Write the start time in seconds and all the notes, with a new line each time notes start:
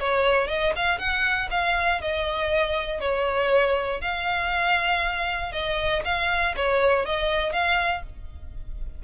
0.00 C#5
0.48 D#5
0.76 F5
0.99 F#5
1.51 F5
2.01 D#5
3.00 C#5
4.01 F5
5.52 D#5
6.05 F5
6.56 C#5
7.05 D#5
7.53 F5